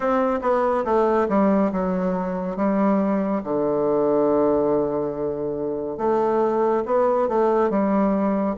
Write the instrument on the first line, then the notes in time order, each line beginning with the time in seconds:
bassoon
0.00 C4
0.41 B3
0.84 A3
1.28 G3
1.71 F#3
2.56 G3
3.43 D3
5.97 A3
6.85 B3
7.28 A3
7.69 G3